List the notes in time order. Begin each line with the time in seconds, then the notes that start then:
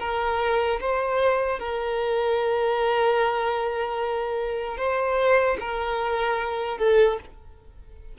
0.00 A#4
0.81 C5
1.60 A#4
4.78 C5
5.61 A#4
6.79 A4